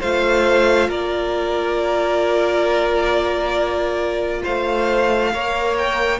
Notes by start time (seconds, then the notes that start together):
0.00 A3 F4 C5 F5
0.88 A#3 A#4 D5
4.43 A3 C5 F5
5.33 A#3 A#4 C#5
5.78 G5